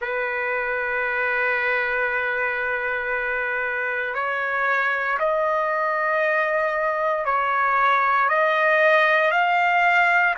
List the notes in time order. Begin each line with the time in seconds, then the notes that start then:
0.01 B4
4.14 C#5
5.19 D#5
7.25 C#5
8.28 D#5
9.31 F5